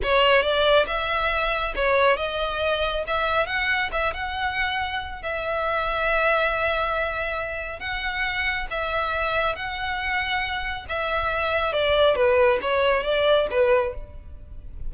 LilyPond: \new Staff \with { instrumentName = "violin" } { \time 4/4 \tempo 4 = 138 cis''4 d''4 e''2 | cis''4 dis''2 e''4 | fis''4 e''8 fis''2~ fis''8 | e''1~ |
e''2 fis''2 | e''2 fis''2~ | fis''4 e''2 d''4 | b'4 cis''4 d''4 b'4 | }